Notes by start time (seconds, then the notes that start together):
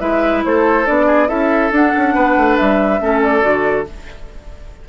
0.00 G#3 E4 B4 E5
0.45 A3 A4 C5
0.86 B3 D4 D5
1.07 G#4
1.28 C#4 E4 A4 E5
1.71 D4 F#5
1.97 C#4
2.15 B3 B4
2.37 A3
2.57 G3 E5
3.01 A3 C#4 A4
3.23 D5
3.41 D3 F#4